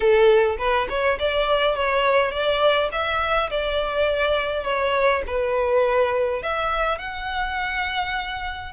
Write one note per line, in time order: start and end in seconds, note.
0.00 0.57 A4
0.58 0.87 B4
0.89 1.18 C#5
1.19 1.75 D5
1.75 2.31 C#5
2.31 2.89 D5
2.92 3.50 E5
3.50 4.64 D5
4.64 5.22 C#5
5.26 6.42 B4
6.42 6.98 E5
6.98 8.72 F#5